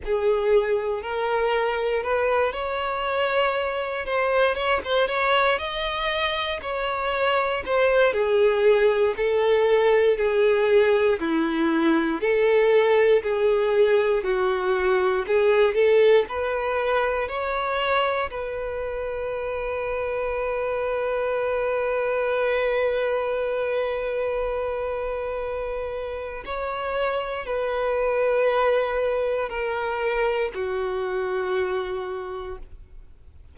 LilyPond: \new Staff \with { instrumentName = "violin" } { \time 4/4 \tempo 4 = 59 gis'4 ais'4 b'8 cis''4. | c''8 cis''16 c''16 cis''8 dis''4 cis''4 c''8 | gis'4 a'4 gis'4 e'4 | a'4 gis'4 fis'4 gis'8 a'8 |
b'4 cis''4 b'2~ | b'1~ | b'2 cis''4 b'4~ | b'4 ais'4 fis'2 | }